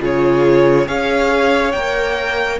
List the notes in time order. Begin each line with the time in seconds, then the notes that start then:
0.00 C#3 F4 G#4 C#5
0.86 C#4 G#4 C#5 F5
1.72 A#3 A#4 G5